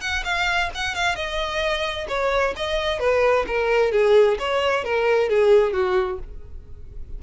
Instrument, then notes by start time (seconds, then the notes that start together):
violin
0.00 F#5
0.24 F5
0.74 F#5
0.94 F5
1.15 D#5
2.08 C#5
2.56 D#5
2.99 B4
3.47 A#4
3.92 G#4
4.39 C#5
4.84 A#4
5.29 G#4
5.73 F#4